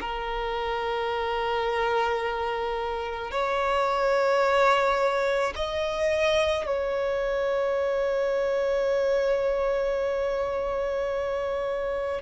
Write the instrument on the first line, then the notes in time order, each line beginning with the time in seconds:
violin
0.00 A#4
3.31 C#5
5.55 D#5
6.66 C#5